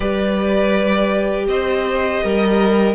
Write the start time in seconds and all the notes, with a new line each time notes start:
0.00 G3 G4 B4 D5
1.47 C4 C5 D#5
2.23 G3 A#4